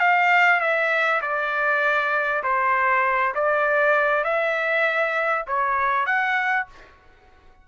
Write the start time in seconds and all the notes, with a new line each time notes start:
0.00 F5
0.61 E5
1.22 D5
2.44 C5
3.36 D5
4.25 E5
5.48 C#5
6.06 F#5